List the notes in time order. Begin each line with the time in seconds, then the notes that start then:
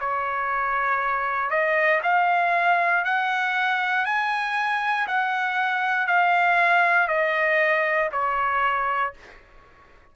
0.00 C#5
1.50 D#5
2.03 F5
3.05 F#5
4.05 G#5
5.07 F#5
6.07 F5
7.08 D#5
8.12 C#5